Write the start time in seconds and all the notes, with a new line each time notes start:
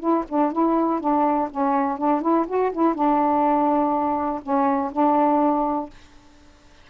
0.00 E4
0.29 D4
0.52 E4
1.00 D4
1.51 C#4
1.98 D4
2.22 E4
2.47 F#4
2.73 E4
2.95 D4
4.43 C#4
4.92 D4